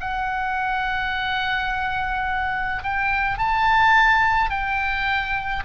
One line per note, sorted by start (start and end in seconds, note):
0.00 2.83 F#5
2.83 3.38 G5
3.38 4.50 A5
4.50 5.63 G5